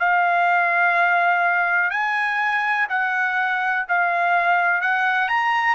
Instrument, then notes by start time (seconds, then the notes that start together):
trumpet
0.00 F5
1.90 G#5
2.89 F#5
3.88 F5
4.81 F#5
5.28 A#5